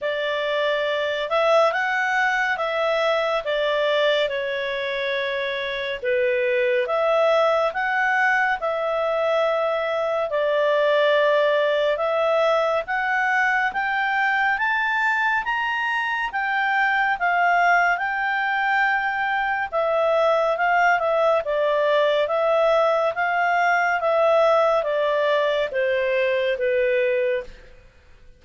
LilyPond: \new Staff \with { instrumentName = "clarinet" } { \time 4/4 \tempo 4 = 70 d''4. e''8 fis''4 e''4 | d''4 cis''2 b'4 | e''4 fis''4 e''2 | d''2 e''4 fis''4 |
g''4 a''4 ais''4 g''4 | f''4 g''2 e''4 | f''8 e''8 d''4 e''4 f''4 | e''4 d''4 c''4 b'4 | }